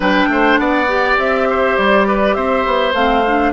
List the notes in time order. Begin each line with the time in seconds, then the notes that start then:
0.00 G3 D4 B4 G5
0.28 A3 C5
0.57 B3 D5 F#5
0.87 G4
1.17 C4 E5
1.49 C5
1.77 G3 D5
2.07 B4
2.34 C4 C5 E5
2.65 B3
2.93 A3 C4 F5
3.26 D4